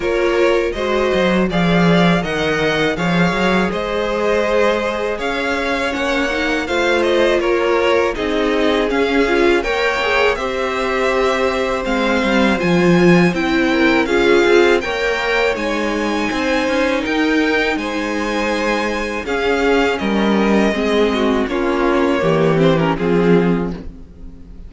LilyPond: <<
  \new Staff \with { instrumentName = "violin" } { \time 4/4 \tempo 4 = 81 cis''4 dis''4 f''4 fis''4 | f''4 dis''2 f''4 | fis''4 f''8 dis''8 cis''4 dis''4 | f''4 g''4 e''2 |
f''4 gis''4 g''4 f''4 | g''4 gis''2 g''4 | gis''2 f''4 dis''4~ | dis''4 cis''4. c''16 ais'16 gis'4 | }
  \new Staff \with { instrumentName = "violin" } { \time 4/4 ais'4 c''4 d''4 dis''4 | cis''4 c''2 cis''4~ | cis''4 c''4 ais'4 gis'4~ | gis'4 cis''4 c''2~ |
c''2~ c''8 ais'8 gis'4 | cis''2 c''4 ais'4 | c''2 gis'4 ais'4 | gis'8 fis'8 f'4 g'4 f'4 | }
  \new Staff \with { instrumentName = "viola" } { \time 4/4 f'4 fis'4 gis'4 ais'4 | gis'1 | cis'8 dis'8 f'2 dis'4 | cis'8 f'8 ais'8 gis'8 g'2 |
c'4 f'4 e'4 f'4 | ais'4 dis'2.~ | dis'2 cis'2 | c'4 cis'4 ais8 c'16 cis'16 c'4 | }
  \new Staff \with { instrumentName = "cello" } { \time 4/4 ais4 gis8 fis8 f4 dis4 | f8 fis8 gis2 cis'4 | ais4 a4 ais4 c'4 | cis'4 ais4 c'2 |
gis8 g8 f4 c'4 cis'8 c'8 | ais4 gis4 c'8 cis'8 dis'4 | gis2 cis'4 g4 | gis4 ais4 e4 f4 | }
>>